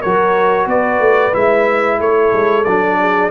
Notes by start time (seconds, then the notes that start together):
0.00 F#3 F#4 A#4 C#5
0.66 B3 B4 D5
0.99 A3
1.32 G#3 E4 E5
1.99 A3 A4 C#5
2.33 G#3
2.64 F#3 D4 D5
3.00 G#4